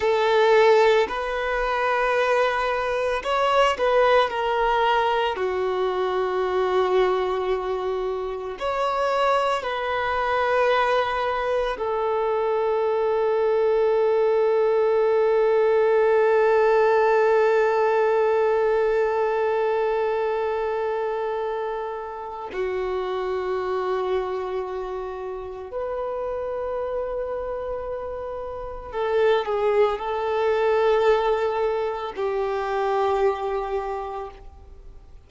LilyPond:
\new Staff \with { instrumentName = "violin" } { \time 4/4 \tempo 4 = 56 a'4 b'2 cis''8 b'8 | ais'4 fis'2. | cis''4 b'2 a'4~ | a'1~ |
a'1~ | a'4 fis'2. | b'2. a'8 gis'8 | a'2 g'2 | }